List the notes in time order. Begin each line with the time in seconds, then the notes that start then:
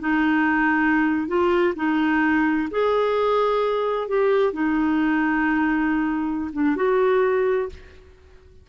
0.00 D#4
1.27 F4
1.76 D#4
2.71 G#4
4.08 G4
4.53 D#4
6.53 D4
6.76 F#4